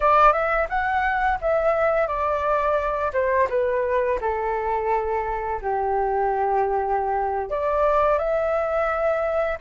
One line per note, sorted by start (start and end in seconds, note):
0.00 0.32 D5
0.32 0.67 E5
0.68 1.38 F#5
1.41 2.07 E5
2.07 3.11 D5
3.13 3.48 C5
3.49 4.19 B4
4.21 5.60 A4
5.61 7.50 G4
7.50 8.18 D5
8.18 9.57 E5